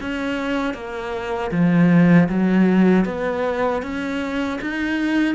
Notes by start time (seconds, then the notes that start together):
0.00 C#4
0.74 A#3
1.51 F3
2.29 F#3
3.05 B3
3.82 C#4
4.61 D#4